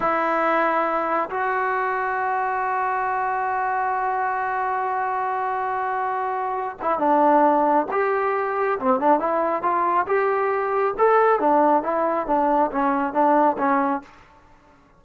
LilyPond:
\new Staff \with { instrumentName = "trombone" } { \time 4/4 \tempo 4 = 137 e'2. fis'4~ | fis'1~ | fis'1~ | fis'2.~ fis'8 e'8 |
d'2 g'2 | c'8 d'8 e'4 f'4 g'4~ | g'4 a'4 d'4 e'4 | d'4 cis'4 d'4 cis'4 | }